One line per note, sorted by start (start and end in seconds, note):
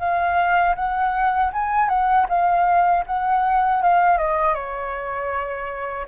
0.00 0.76 F5
0.76 1.52 F#5
1.53 1.89 G#5
1.89 2.27 F#5
2.29 3.05 F5
3.07 3.83 F#5
3.83 4.18 F5
4.18 4.55 D#5
4.55 6.07 C#5